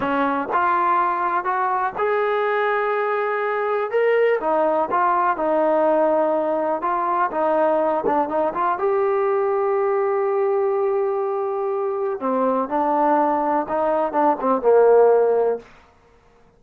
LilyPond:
\new Staff \with { instrumentName = "trombone" } { \time 4/4 \tempo 4 = 123 cis'4 f'2 fis'4 | gis'1 | ais'4 dis'4 f'4 dis'4~ | dis'2 f'4 dis'4~ |
dis'8 d'8 dis'8 f'8 g'2~ | g'1~ | g'4 c'4 d'2 | dis'4 d'8 c'8 ais2 | }